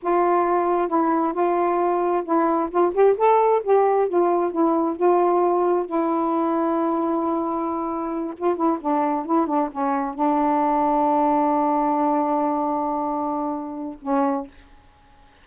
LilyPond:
\new Staff \with { instrumentName = "saxophone" } { \time 4/4 \tempo 4 = 133 f'2 e'4 f'4~ | f'4 e'4 f'8 g'8 a'4 | g'4 f'4 e'4 f'4~ | f'4 e'2.~ |
e'2~ e'8 f'8 e'8 d'8~ | d'8 e'8 d'8 cis'4 d'4.~ | d'1~ | d'2. cis'4 | }